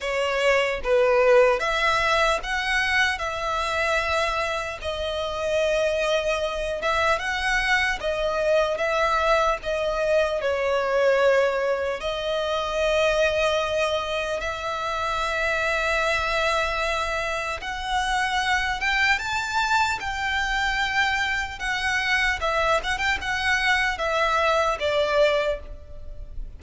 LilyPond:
\new Staff \with { instrumentName = "violin" } { \time 4/4 \tempo 4 = 75 cis''4 b'4 e''4 fis''4 | e''2 dis''2~ | dis''8 e''8 fis''4 dis''4 e''4 | dis''4 cis''2 dis''4~ |
dis''2 e''2~ | e''2 fis''4. g''8 | a''4 g''2 fis''4 | e''8 fis''16 g''16 fis''4 e''4 d''4 | }